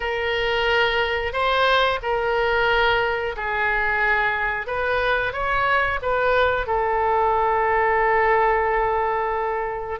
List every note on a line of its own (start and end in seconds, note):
0.00 1.32 A#4
1.32 1.99 C5
2.02 3.35 A#4
3.36 4.66 G#4
4.66 5.32 B4
5.32 5.99 C#5
6.02 6.66 B4
6.66 9.99 A4